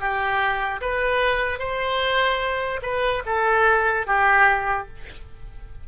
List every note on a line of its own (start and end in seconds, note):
0.00 0.81 G4
0.81 1.60 B4
1.60 2.81 C5
2.83 3.23 B4
3.26 4.07 A4
4.07 4.88 G4